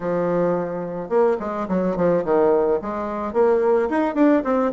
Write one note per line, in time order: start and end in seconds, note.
0.00 1.09 F3
1.09 1.37 A#3
1.39 1.67 G#3
1.68 1.96 F#3
1.96 2.24 F3
2.24 2.80 D#3
2.81 3.33 G#3
3.33 3.89 A#3
3.89 4.14 D#4
4.14 4.42 D4
4.44 4.71 C4